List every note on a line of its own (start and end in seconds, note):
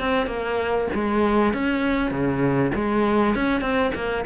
0.00 0.27 C4
0.27 0.87 A#3
0.94 1.54 G#3
1.54 2.11 C#4
2.11 2.72 C#3
2.75 3.35 G#3
3.35 3.61 C#4
3.61 3.91 C4
3.95 4.25 A#3